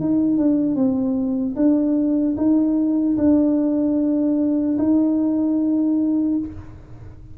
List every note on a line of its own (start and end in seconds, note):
0.00 0.37 D#4
0.37 0.75 D4
0.75 1.55 C4
1.56 2.36 D4
2.37 3.17 D#4
3.17 4.77 D4
4.78 6.38 D#4